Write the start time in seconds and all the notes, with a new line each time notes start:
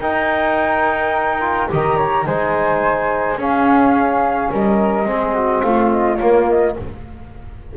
0.00 D#4 A#4 G5
1.41 F4
1.69 D#3 G4 D#5 A#5
1.96 C#5
2.26 G#3 D#4 C5 G#5
3.37 C#4 G#4 F5
4.51 G3 A#4 D#5
5.05 G#3 C4 G#4
5.34 F#4
5.62 A3 F4 F5
5.91 D#5
6.16 A#3 C#5
6.49 D#5